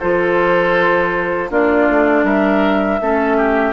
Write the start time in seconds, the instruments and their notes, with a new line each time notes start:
0.00 bassoon F3, clarinet F4, oboe A4, flute C5
1.50 bassoon A#3, clarinet D4, oboe F4, flute D5
1.89 bassoon A3
2.24 bassoon G3, oboe A#4, flute E5
3.01 bassoon A3, clarinet C#4, oboe A4
3.37 oboe G4